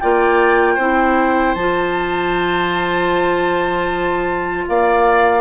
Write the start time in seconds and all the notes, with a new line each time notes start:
0.00 A#3 F4 D5 G5
0.75 C4 E4 C5
1.55 F3 F4 A5
4.68 A#3 D5 F5